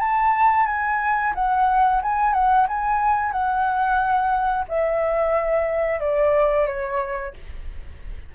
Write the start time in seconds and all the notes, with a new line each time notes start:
0.00 A5
0.67 G#5
1.35 F#5
2.03 G#5
2.34 F#5
2.68 G#5
3.33 F#5
4.69 E5
6.01 D5
6.67 C#5